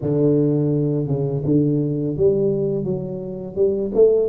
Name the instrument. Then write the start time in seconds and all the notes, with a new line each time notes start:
tuba
0.01 D3
1.07 C#3
1.45 D3
2.17 G3
2.84 F#3
3.55 G3
3.94 A3